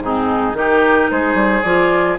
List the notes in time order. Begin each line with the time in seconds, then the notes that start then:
0.00 G#2 C4 D#4 G#4
0.53 D#3 D#4 G4 A#4
1.11 G#3 G#4 C5
1.35 G3
1.63 F3 F4 D5